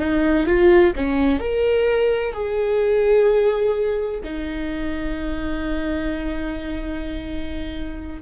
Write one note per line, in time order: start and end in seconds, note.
0.00 0.47 D#4
0.47 0.94 F4
0.96 1.40 C#4
1.40 2.34 A#4
2.34 4.21 G#4
4.24 8.22 D#4